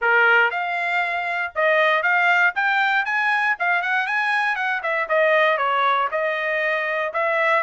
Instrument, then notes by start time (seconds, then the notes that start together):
trumpet
0.01 A#4
0.50 F5
1.55 D#5
2.02 F5
2.55 G5
3.05 G#5
3.59 F5
3.82 F#5
4.06 G#5
4.55 F#5
4.82 E5
5.08 D#5
5.57 C#5
6.11 D#5
7.13 E5